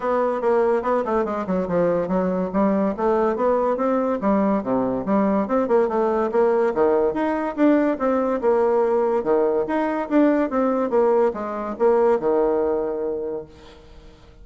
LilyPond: \new Staff \with { instrumentName = "bassoon" } { \time 4/4 \tempo 4 = 143 b4 ais4 b8 a8 gis8 fis8 | f4 fis4 g4 a4 | b4 c'4 g4 c4 | g4 c'8 ais8 a4 ais4 |
dis4 dis'4 d'4 c'4 | ais2 dis4 dis'4 | d'4 c'4 ais4 gis4 | ais4 dis2. | }